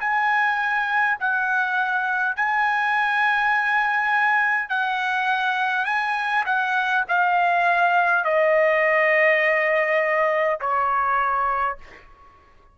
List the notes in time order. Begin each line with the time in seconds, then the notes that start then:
0.00 G#5
1.20 F#5
2.36 G#5
4.69 F#5
5.85 G#5
6.45 F#5
7.08 F5
8.24 D#5
10.60 C#5